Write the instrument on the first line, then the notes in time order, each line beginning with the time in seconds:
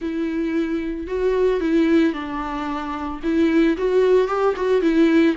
viola
0.01 E4
1.07 F#4
1.60 E4
2.13 D4
3.23 E4
3.77 F#4
4.27 G4
4.56 F#4
4.81 E4